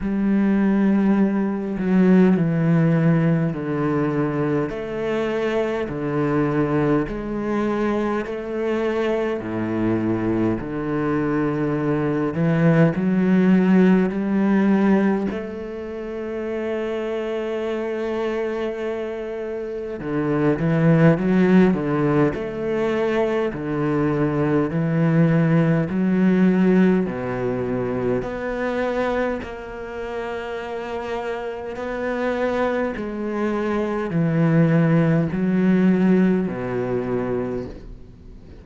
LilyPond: \new Staff \with { instrumentName = "cello" } { \time 4/4 \tempo 4 = 51 g4. fis8 e4 d4 | a4 d4 gis4 a4 | a,4 d4. e8 fis4 | g4 a2.~ |
a4 d8 e8 fis8 d8 a4 | d4 e4 fis4 b,4 | b4 ais2 b4 | gis4 e4 fis4 b,4 | }